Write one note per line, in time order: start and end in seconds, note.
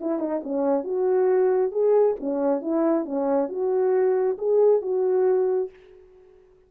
0.00 0.19 E4
0.19 0.41 D#4
0.43 0.84 C#4
0.84 1.71 F#4
1.71 2.15 G#4
2.20 2.61 C#4
2.61 3.05 E4
3.05 3.48 C#4
3.48 4.37 F#4
4.37 4.81 G#4
4.81 5.70 F#4